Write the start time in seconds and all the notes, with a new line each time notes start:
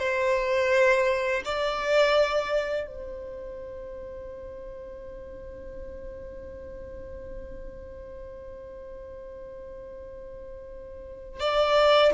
0.00 C5
1.45 D5
2.87 C5
11.41 D5